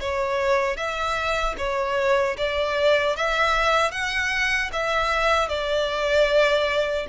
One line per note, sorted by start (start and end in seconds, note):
0.00 0.77 C#5
0.77 1.56 E5
1.58 2.37 C#5
2.38 3.17 D5
3.17 3.92 E5
3.92 4.71 F#5
4.73 5.49 E5
5.49 7.07 D5